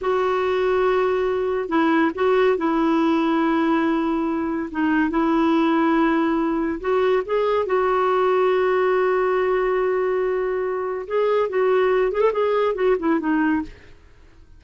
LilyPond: \new Staff \with { instrumentName = "clarinet" } { \time 4/4 \tempo 4 = 141 fis'1 | e'4 fis'4 e'2~ | e'2. dis'4 | e'1 |
fis'4 gis'4 fis'2~ | fis'1~ | fis'2 gis'4 fis'4~ | fis'8 gis'16 a'16 gis'4 fis'8 e'8 dis'4 | }